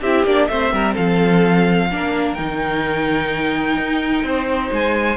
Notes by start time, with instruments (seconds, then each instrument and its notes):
0.00 cello C4, viola E4, violin G4 E5
0.24 cello A#3, viola D4, violin D5
0.47 cello A3, viola C4, violin C5 E5
0.72 cello G3, violin A#4
0.93 cello F3, violin A4 F5
1.90 cello A#3, viola D4, violin A#4
2.33 cello D#3, viola D#4, violin G5
3.76 cello D#4
4.23 cello C4, violin C5
4.71 cello G#3, violin G#5